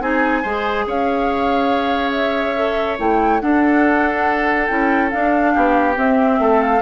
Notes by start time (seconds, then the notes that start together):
0.00 C4 D#4 G#4 G#5
0.42 G#3 G#4 C5
0.86 C#4 C#5 F5
2.11 E5
2.55 A4
2.98 A3 E4 G5
3.40 D4 A4 F#5
4.67 C#4 E4 G5
5.10 D4 F5
5.53 B3 G4
5.95 C4 E5
6.39 A3 A4
6.61 F5